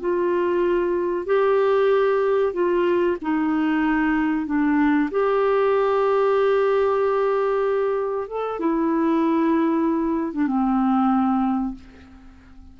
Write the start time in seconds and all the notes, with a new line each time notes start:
0.00 F4
1.26 G4
2.53 F4
3.22 D#4
4.46 D4
5.11 G4
8.28 A4
8.60 E4
10.33 D4
10.47 C4